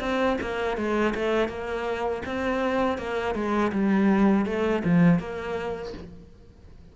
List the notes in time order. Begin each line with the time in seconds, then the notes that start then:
0.00 C4
0.41 A#3
0.77 G#3
1.14 A3
1.48 A#3
2.26 C4
2.98 A#3
3.35 G#3
3.72 G3
4.45 A3
4.84 F3
5.19 A#3